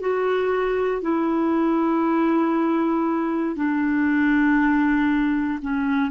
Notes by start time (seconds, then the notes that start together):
0.00 F#4
1.02 E4
3.55 D4
5.62 C#4